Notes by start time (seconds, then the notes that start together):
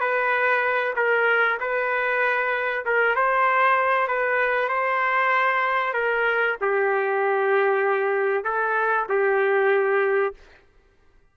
0.00 B4
0.96 A#4
1.60 B4
2.85 A#4
3.15 C5
4.08 B4
4.68 C5
5.93 A#4
6.61 G4
8.44 A4
9.09 G4